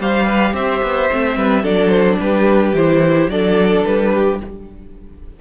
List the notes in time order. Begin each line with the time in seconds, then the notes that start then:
0.00 G3 G4 C5 F5
0.26 B4
0.54 C4 C5 E5
0.83 B3
1.12 A3 C4
1.36 G3 B4
1.63 F#3 D4 A4 D5
1.89 C5
2.20 G3 G4 B4
2.73 E3 E4 C5
3.28 F#3 D4 A4 D5
3.85 G3 B4
4.13 G4